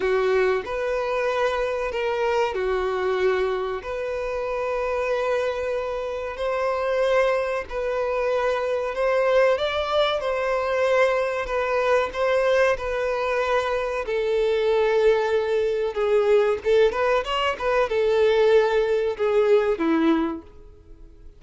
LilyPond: \new Staff \with { instrumentName = "violin" } { \time 4/4 \tempo 4 = 94 fis'4 b'2 ais'4 | fis'2 b'2~ | b'2 c''2 | b'2 c''4 d''4 |
c''2 b'4 c''4 | b'2 a'2~ | a'4 gis'4 a'8 b'8 cis''8 b'8 | a'2 gis'4 e'4 | }